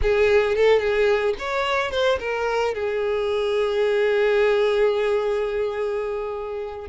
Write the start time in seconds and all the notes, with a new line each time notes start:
0.02 G#4
0.55 A4
0.79 G#4
1.39 C#5
1.91 C5
2.19 A#4
2.74 G#4